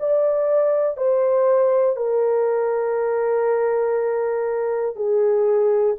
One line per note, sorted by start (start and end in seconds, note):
0.00 0.97 D5
0.97 1.96 C5
1.96 4.96 A#4
4.96 5.96 G#4